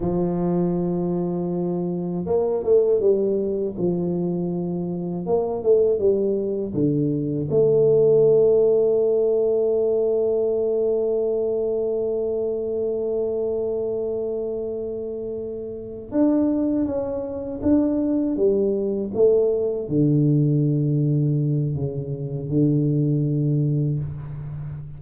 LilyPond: \new Staff \with { instrumentName = "tuba" } { \time 4/4 \tempo 4 = 80 f2. ais8 a8 | g4 f2 ais8 a8 | g4 d4 a2~ | a1~ |
a1~ | a4. d'4 cis'4 d'8~ | d'8 g4 a4 d4.~ | d4 cis4 d2 | }